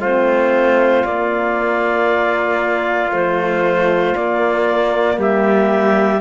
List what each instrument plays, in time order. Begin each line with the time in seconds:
0.00 cello A3, horn C4, trumpet F4, clarinet C5
1.05 cello A#3, horn A#3, clarinet D5
3.11 horn F3, cello A3, clarinet C5
4.13 horn A#3, cello A#3, clarinet D5
5.17 cello G3, trumpet G4, clarinet E5